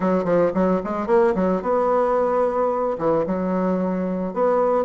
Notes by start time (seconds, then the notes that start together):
0.00 F#3
0.24 F3
0.54 F#3
0.84 G#3
1.07 A#3
1.34 F#3
1.62 B3
2.98 E3
3.26 F#3
4.33 B3